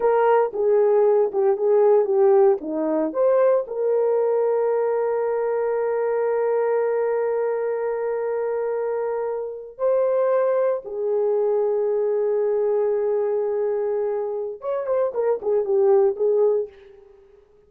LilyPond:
\new Staff \with { instrumentName = "horn" } { \time 4/4 \tempo 4 = 115 ais'4 gis'4. g'8 gis'4 | g'4 dis'4 c''4 ais'4~ | ais'1~ | ais'1~ |
ais'2~ ais'8. c''4~ c''16~ | c''8. gis'2.~ gis'16~ | gis'1 | cis''8 c''8 ais'8 gis'8 g'4 gis'4 | }